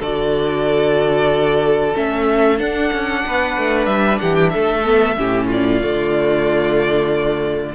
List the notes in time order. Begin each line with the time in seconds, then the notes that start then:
0.00 D3 F#4 A4 D5
1.94 A3 C#4 E5
2.57 D4 F#5
2.93 C#4
3.26 B3 B4
3.57 A3
3.86 G3 E5
4.19 E3 G4 F#5
4.35 G5
4.49 A4 E5
4.56 A3
4.85 B3
5.17 A2 C#4 G4
5.47 F4 D5
5.81 D3 A3